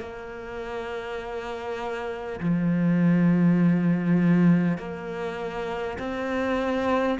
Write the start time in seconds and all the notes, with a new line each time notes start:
0.00 A#3
2.41 F3
4.78 A#3
5.99 C4